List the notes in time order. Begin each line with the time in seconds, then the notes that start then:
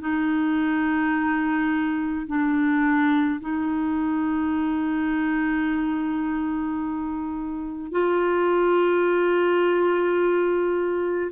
0.00 D#4
2.27 D4
3.40 D#4
7.91 F4